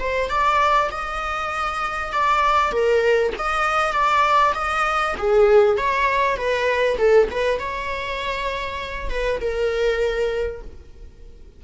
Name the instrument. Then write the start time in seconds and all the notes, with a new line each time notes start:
viola
0.00 C5
0.30 D5
0.91 D#5
2.13 D5
2.72 A#4
3.39 D#5
3.92 D5
4.55 D#5
5.18 G#4
5.77 C#5
6.37 B4
6.98 A4
7.31 B4
7.59 C#5
9.10 B4
9.41 A#4